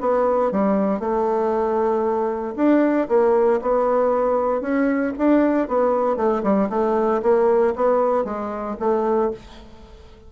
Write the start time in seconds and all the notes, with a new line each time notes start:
0.00 B3
0.51 G3
0.99 A3
2.56 D4
3.08 A#3
3.61 B3
4.61 C#4
5.18 D4
5.68 B3
6.16 A3
6.43 G3
6.70 A3
7.22 A#3
7.75 B3
8.24 G#3
8.79 A3